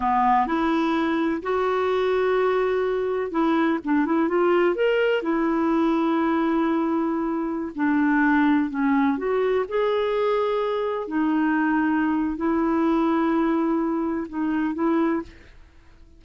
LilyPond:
\new Staff \with { instrumentName = "clarinet" } { \time 4/4 \tempo 4 = 126 b4 e'2 fis'4~ | fis'2. e'4 | d'8 e'8 f'4 ais'4 e'4~ | e'1~ |
e'16 d'2 cis'4 fis'8.~ | fis'16 gis'2. dis'8.~ | dis'2 e'2~ | e'2 dis'4 e'4 | }